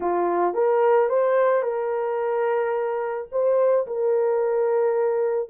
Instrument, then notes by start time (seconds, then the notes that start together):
horn
0.00 F4
0.54 A#4
1.09 C5
1.62 A#4
3.31 C5
3.86 A#4